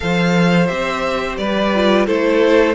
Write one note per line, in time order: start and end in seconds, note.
0.00 0.70 F3
0.00 0.67 A4
0.00 1.39 C5
0.00 0.67 F5
0.67 1.38 C4
0.67 1.70 G4
0.67 1.36 E5
1.37 2.07 G3
1.37 2.06 B4
1.37 2.06 D5
1.74 2.07 F4
2.06 2.74 A3
2.06 2.74 E4
2.06 2.74 A4
2.06 2.74 C5